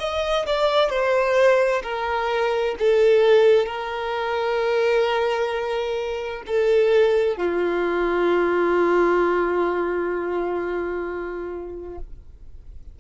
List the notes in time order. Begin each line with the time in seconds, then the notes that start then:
0.00 D#5
0.47 D5
0.90 C5
1.83 A#4
2.79 A4
3.66 A#4
6.47 A4
7.38 F4